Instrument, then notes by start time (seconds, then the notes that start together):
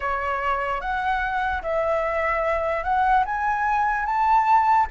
flute
0.00 C#5
0.81 F#5
1.62 E5
2.83 F#5
3.25 G#5
4.05 A5